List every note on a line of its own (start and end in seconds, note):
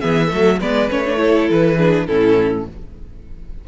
0.00 0.32 E3
0.00 0.28 B3
0.00 0.27 G#4
0.00 0.59 E5
0.27 0.60 F#3
0.27 0.58 A3
0.27 0.56 A4
0.60 0.90 G#3
0.60 0.90 B3
0.60 1.19 B4
0.60 0.90 D5
0.90 1.49 A3
0.90 1.04 C#4
0.90 1.49 C#5
1.05 1.16 D4
1.16 1.75 E4
1.16 1.77 A4
1.49 2.08 E3
1.49 2.06 B4
1.77 2.08 D4
1.77 2.07 G#4
2.06 2.67 A2
2.06 2.67 C#4
2.06 2.66 E4
2.06 2.65 A4